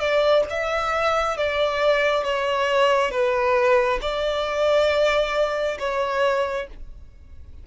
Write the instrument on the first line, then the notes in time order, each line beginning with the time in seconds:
violin
0.00 D5
0.50 E5
1.37 D5
2.24 C#5
3.11 B4
4.01 D5
5.79 C#5